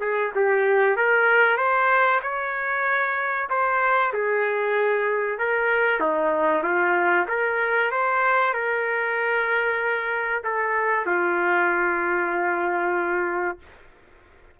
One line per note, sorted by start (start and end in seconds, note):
0.00 0.32 G#4
0.35 0.96 G4
0.96 1.57 A#4
1.57 2.20 C5
2.22 3.48 C#5
3.49 4.12 C5
4.13 5.38 G#4
5.38 6.00 A#4
6.00 6.63 D#4
6.63 7.26 F4
7.28 7.91 A#4
7.91 8.53 C5
8.53 10.43 A#4
10.44 11.06 A4
11.06 13.58 F4